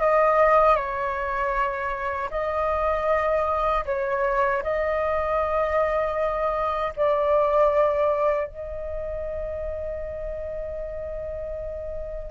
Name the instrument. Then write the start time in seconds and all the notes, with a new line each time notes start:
flute
0.00 D#5
0.75 C#5
2.30 D#5
3.85 C#5
4.62 D#5
6.96 D5
8.47 D#5